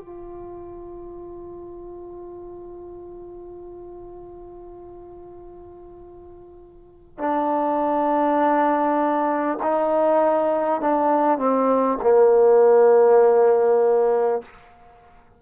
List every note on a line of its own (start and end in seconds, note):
0.00 7.18 F4
7.18 9.58 D4
9.63 10.82 D#4
10.82 11.38 D4
11.38 11.98 C4
12.02 14.42 A#3